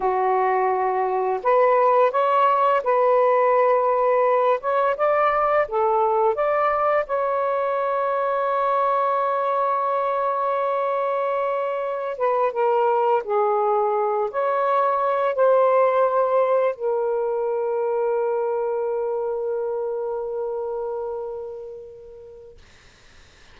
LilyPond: \new Staff \with { instrumentName = "saxophone" } { \time 4/4 \tempo 4 = 85 fis'2 b'4 cis''4 | b'2~ b'8 cis''8 d''4 | a'4 d''4 cis''2~ | cis''1~ |
cis''4~ cis''16 b'8 ais'4 gis'4~ gis'16~ | gis'16 cis''4. c''2 ais'16~ | ais'1~ | ais'1 | }